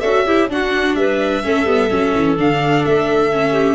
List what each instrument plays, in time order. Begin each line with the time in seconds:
0.00 tuba C#4, viola F#4, clarinet A4, violin E5
0.25 viola E4, clarinet G4
0.49 tuba D4, viola D4, clarinet F#4, violin F#5
0.95 tuba G3, clarinet B4, violin E5
1.43 tuba A3, viola C#4, clarinet A4
1.64 tuba G3, viola B3
1.90 tuba F#3, viola C#4
2.14 tuba E3
2.36 tuba D3, viola D4, violin F5
2.85 tuba A3, violin E5
3.31 viola C#4
3.51 clarinet G4